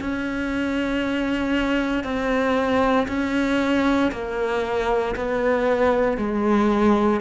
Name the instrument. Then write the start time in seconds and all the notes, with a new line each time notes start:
cello
0.00 C#4
2.04 C4
3.08 C#4
4.11 A#3
5.16 B3
6.17 G#3